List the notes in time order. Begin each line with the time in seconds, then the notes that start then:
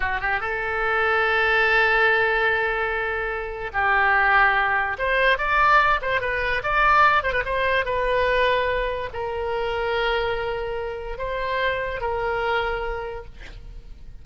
0.00 F#4
0.20 G4
0.40 A4
3.73 G4
4.98 C5
5.38 D5
6.01 C5
6.21 B4
6.63 D5
7.23 C5
7.32 B4
7.45 C5
7.85 B4
9.13 A#4
11.18 C5
12.00 A#4